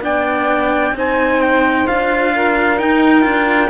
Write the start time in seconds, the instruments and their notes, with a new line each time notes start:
0.00 cello B3 D4, saxophone D5, trumpet G5
0.92 cello C4 D#4, saxophone C5
0.98 trumpet G#5
1.42 trumpet G5
1.87 cello D4 F4, trumpet F5
2.34 saxophone A#4
2.77 cello D#4, trumpet G5
3.21 cello D4 F4